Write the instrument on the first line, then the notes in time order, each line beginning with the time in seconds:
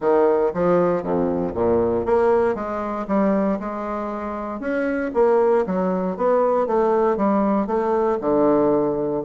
bassoon
0.00 D#3
0.54 F3
1.02 F2
1.54 A#2
2.05 A#3
2.55 G#3
3.07 G3
3.59 G#3
4.59 C#4
5.14 A#3
5.66 F#3
6.17 B3
6.67 A3
7.16 G3
7.67 A3
8.21 D3